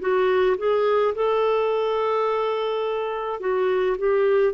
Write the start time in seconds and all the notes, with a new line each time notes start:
0.00 F#4
0.58 G#4
1.15 A4
3.40 F#4
3.98 G4